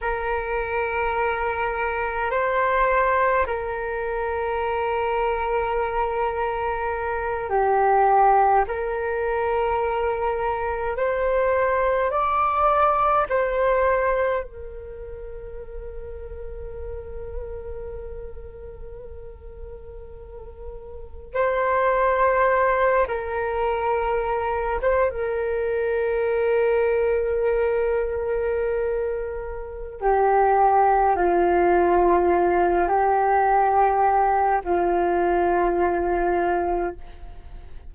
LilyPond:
\new Staff \with { instrumentName = "flute" } { \time 4/4 \tempo 4 = 52 ais'2 c''4 ais'4~ | ais'2~ ais'8 g'4 ais'8~ | ais'4. c''4 d''4 c''8~ | c''8 ais'2.~ ais'8~ |
ais'2~ ais'8 c''4. | ais'4. c''16 ais'2~ ais'16~ | ais'2 g'4 f'4~ | f'8 g'4. f'2 | }